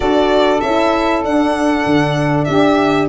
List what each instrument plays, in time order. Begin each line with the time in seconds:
0.00 tuba D4, horn F#4, saxophone A4, violin D5
0.60 tuba C#4, horn E4, violin E5
1.23 tuba D4, horn D4, violin F#5
1.85 tuba D3
2.44 tuba D4, saxophone G4, violin E5